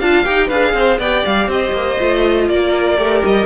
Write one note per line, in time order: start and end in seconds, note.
0.00 0.26 D4
0.00 0.25 F4
0.00 0.47 F5
0.00 0.25 A5
0.25 0.51 D#4
0.25 0.50 G4
0.25 0.50 G5
0.47 0.74 D4
0.47 1.02 G#4
0.47 0.72 B4
0.47 0.99 F5
0.74 0.99 C4
0.74 1.00 C5
0.99 1.24 B3
0.99 1.99 G4
0.99 1.49 D5
0.99 1.26 G5
1.26 1.47 G3
1.26 1.51 F5
1.47 1.72 C4
1.47 2.48 C5
1.47 2.49 D#5
1.73 1.97 A#3
1.99 2.50 A3
1.99 2.98 F4
2.49 2.98 A#3
2.49 3.46 A#4
2.49 3.23 D5
2.98 3.23 A3
2.98 3.46 G4
3.25 3.46 G3
3.25 3.46 D#5